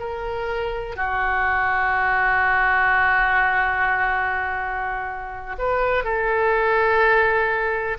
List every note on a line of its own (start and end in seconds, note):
0.00 0.96 A#4
0.96 5.56 F#4
5.59 6.04 B4
6.04 7.98 A4